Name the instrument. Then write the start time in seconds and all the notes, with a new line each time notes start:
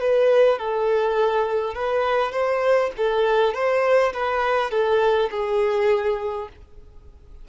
violin
0.00 B4
0.58 A4
1.74 B4
2.32 C5
2.97 A4
3.54 C5
4.13 B4
4.71 A4
5.30 G#4